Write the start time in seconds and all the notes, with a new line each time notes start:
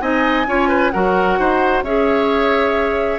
0.00 C4 D#4 D#5 G#5
0.47 C#4 F4 C#5
0.69 B4
0.91 F#3 F#4 A#4 F#5
1.39 D#4 C5
1.83 C#4 G#4 C#5 E5